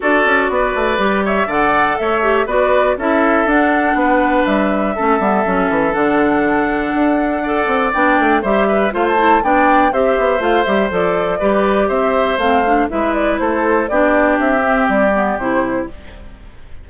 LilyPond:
<<
  \new Staff \with { instrumentName = "flute" } { \time 4/4 \tempo 4 = 121 d''2~ d''8 e''8 fis''4 | e''4 d''4 e''4 fis''4~ | fis''4 e''2. | fis''1 |
g''4 e''4 f''16 a''8. g''4 | e''4 f''8 e''8 d''2 | e''4 f''4 e''8 d''8 c''4 | d''4 e''4 d''4 c''4 | }
  \new Staff \with { instrumentName = "oboe" } { \time 4/4 a'4 b'4. cis''8 d''4 | cis''4 b'4 a'2 | b'2 a'2~ | a'2. d''4~ |
d''4 c''8 b'8 c''4 d''4 | c''2. b'4 | c''2 b'4 a'4 | g'1 | }
  \new Staff \with { instrumentName = "clarinet" } { \time 4/4 fis'2 g'4 a'4~ | a'8 g'8 fis'4 e'4 d'4~ | d'2 cis'8 b8 cis'4 | d'2. a'4 |
d'4 g'4 f'8 e'8 d'4 | g'4 f'8 g'8 a'4 g'4~ | g'4 c'8 d'8 e'2 | d'4. c'4 b8 e'4 | }
  \new Staff \with { instrumentName = "bassoon" } { \time 4/4 d'8 cis'8 b8 a8 g4 d4 | a4 b4 cis'4 d'4 | b4 g4 a8 g8 fis8 e8 | d2 d'4. c'8 |
b8 a8 g4 a4 b4 | c'8 b8 a8 g8 f4 g4 | c'4 a4 gis4 a4 | b4 c'4 g4 c4 | }
>>